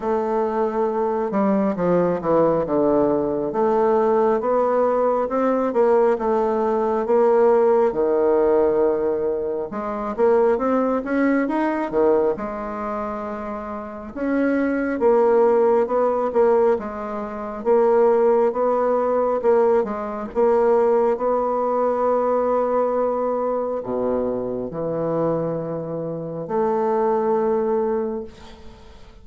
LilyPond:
\new Staff \with { instrumentName = "bassoon" } { \time 4/4 \tempo 4 = 68 a4. g8 f8 e8 d4 | a4 b4 c'8 ais8 a4 | ais4 dis2 gis8 ais8 | c'8 cis'8 dis'8 dis8 gis2 |
cis'4 ais4 b8 ais8 gis4 | ais4 b4 ais8 gis8 ais4 | b2. b,4 | e2 a2 | }